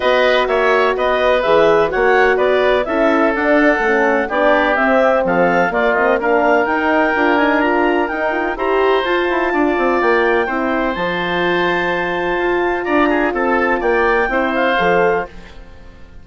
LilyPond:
<<
  \new Staff \with { instrumentName = "clarinet" } { \time 4/4 \tempo 4 = 126 dis''4 e''4 dis''4 e''4 | fis''4 d''4 e''4 fis''4~ | fis''4 d''4 e''4 f''4 | d''8 dis''8 f''4 g''4. gis''8 |
ais''4 g''4 ais''4 a''4~ | a''4 g''2 a''4~ | a''2. ais''4 | a''4 g''4. f''4. | }
  \new Staff \with { instrumentName = "oboe" } { \time 4/4 b'4 cis''4 b'2 | cis''4 b'4 a'2~ | a'4 g'2 a'4 | f'4 ais'2.~ |
ais'2 c''2 | d''2 c''2~ | c''2. d''8 gis'8 | a'4 d''4 c''2 | }
  \new Staff \with { instrumentName = "horn" } { \time 4/4 fis'2. gis'4 | fis'2 e'4 d'4 | cis'4 d'4 c'2 | ais8 c'8 d'4 dis'4 f'8 dis'8 |
f'4 dis'8 f'8 g'4 f'4~ | f'2 e'4 f'4~ | f'1~ | f'2 e'4 a'4 | }
  \new Staff \with { instrumentName = "bassoon" } { \time 4/4 b4 ais4 b4 e4 | ais4 b4 cis'4 d'4 | a4 b4 c'4 f4 | ais2 dis'4 d'4~ |
d'4 dis'4 e'4 f'8 e'8 | d'8 c'8 ais4 c'4 f4~ | f2 f'4 d'4 | c'4 ais4 c'4 f4 | }
>>